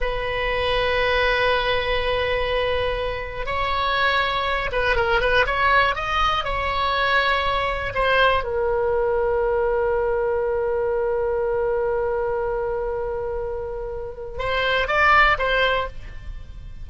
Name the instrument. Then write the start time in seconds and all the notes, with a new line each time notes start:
oboe
0.00 B4
3.46 C#5
4.72 B4
4.95 A#4
5.21 B4
5.46 C#5
5.95 D#5
6.44 C#5
7.94 C5
8.43 A#4
14.38 C5
14.87 D5
15.38 C5